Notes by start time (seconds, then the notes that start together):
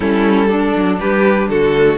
0.00 G3 C#4 E4 A4
0.48 D4
0.75 F#3
0.99 G3 G4 B4
1.49 D3 F#4 A4
1.73 A3